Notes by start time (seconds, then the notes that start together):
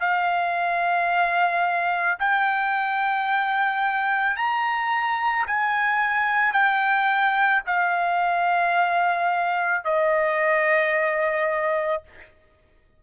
0.00 F5
2.19 G5
4.36 A#5
5.46 G#5
6.53 G5
7.66 F5
9.84 D#5